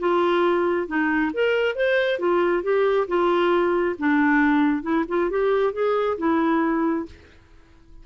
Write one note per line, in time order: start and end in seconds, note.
0.00 0.88 F4
0.88 1.32 D#4
1.34 1.76 A#4
1.76 2.19 C5
2.19 2.64 F4
2.64 3.08 G4
3.08 3.96 F4
3.99 4.83 D4
4.83 5.05 E4
5.09 5.31 F4
5.31 5.74 G4
5.74 6.18 G#4
6.18 7.06 E4